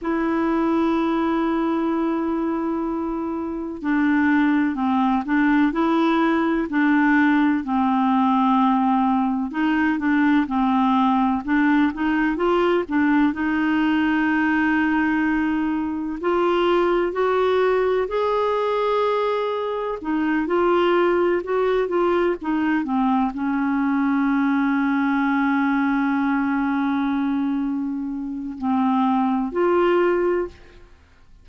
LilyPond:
\new Staff \with { instrumentName = "clarinet" } { \time 4/4 \tempo 4 = 63 e'1 | d'4 c'8 d'8 e'4 d'4 | c'2 dis'8 d'8 c'4 | d'8 dis'8 f'8 d'8 dis'2~ |
dis'4 f'4 fis'4 gis'4~ | gis'4 dis'8 f'4 fis'8 f'8 dis'8 | c'8 cis'2.~ cis'8~ | cis'2 c'4 f'4 | }